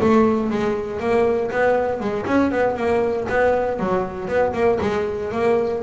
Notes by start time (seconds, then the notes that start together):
0.00 A3
0.50 G#3
0.99 A#3
1.51 B3
2.00 G#3
2.26 C#4
2.51 B3
2.76 A#3
3.28 B3
3.79 F#3
4.27 B3
4.53 A#3
4.81 G#3
5.31 A#3